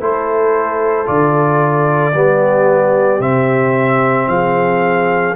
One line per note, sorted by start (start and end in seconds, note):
0.00 1.08 A3
0.00 1.06 E4
0.00 2.14 A4
0.00 1.08 C5
1.06 2.14 D3
1.06 2.13 F4
1.06 3.22 D5
2.14 3.20 G3
2.14 3.21 B3
2.14 4.30 G4
3.20 4.27 C3
3.20 5.35 C4
3.20 4.29 E5
4.28 5.35 F3
4.28 5.36 G#4
4.28 5.36 F5